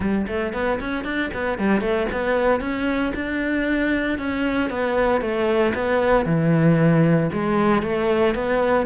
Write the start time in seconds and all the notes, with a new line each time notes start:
0.00 G3
0.27 A3
0.53 B3
0.80 C#4
1.04 D4
1.33 B3
1.58 G3
1.80 A3
2.11 B3
2.60 C#4
3.14 D4
4.18 C#4
4.70 B3
5.21 A3
5.74 B3
6.25 E3
7.32 G#3
7.82 A3
8.34 B3